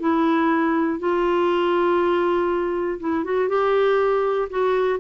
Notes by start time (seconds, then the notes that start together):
0.00 E4
1.00 F4
3.00 E4
3.25 F#4
3.49 G4
4.50 F#4